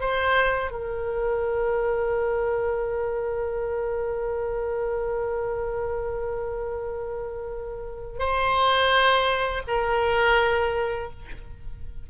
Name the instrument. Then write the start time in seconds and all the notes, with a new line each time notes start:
oboe
0.00 C5
0.70 A#4
8.19 C5
9.67 A#4